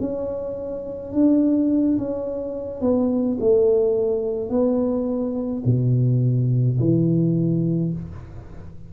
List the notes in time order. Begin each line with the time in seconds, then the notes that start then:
0.00 C#4
1.12 D4
1.98 C#4
2.81 B3
3.40 A3
4.49 B3
5.65 B2
6.79 E3